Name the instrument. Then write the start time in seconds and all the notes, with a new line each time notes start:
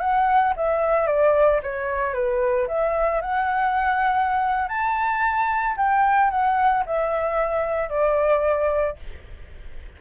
flute
0.00 F#5
0.56 E5
1.07 D5
1.63 C#5
2.14 B4
2.67 E5
3.21 F#5
4.69 A5
5.77 G5
6.30 F#5
6.86 E5
7.89 D5